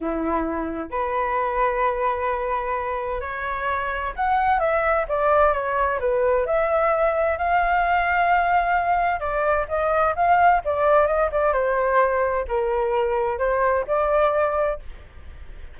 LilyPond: \new Staff \with { instrumentName = "flute" } { \time 4/4 \tempo 4 = 130 e'2 b'2~ | b'2. cis''4~ | cis''4 fis''4 e''4 d''4 | cis''4 b'4 e''2 |
f''1 | d''4 dis''4 f''4 d''4 | dis''8 d''8 c''2 ais'4~ | ais'4 c''4 d''2 | }